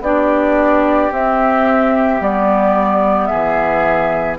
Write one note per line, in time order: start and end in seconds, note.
0.00 1.09 B3
0.00 1.10 D4
0.00 3.29 G4
0.00 1.12 D5
1.10 2.20 C4
1.10 2.22 E5
2.20 3.30 G3
2.20 4.38 B3
2.20 3.26 D5
3.26 4.38 G#4
3.26 4.35 E5
3.32 4.39 E3